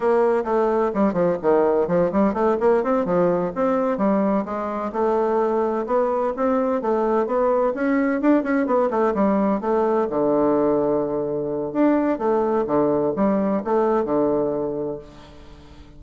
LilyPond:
\new Staff \with { instrumentName = "bassoon" } { \time 4/4 \tempo 4 = 128 ais4 a4 g8 f8 dis4 | f8 g8 a8 ais8 c'8 f4 c'8~ | c'8 g4 gis4 a4.~ | a8 b4 c'4 a4 b8~ |
b8 cis'4 d'8 cis'8 b8 a8 g8~ | g8 a4 d2~ d8~ | d4 d'4 a4 d4 | g4 a4 d2 | }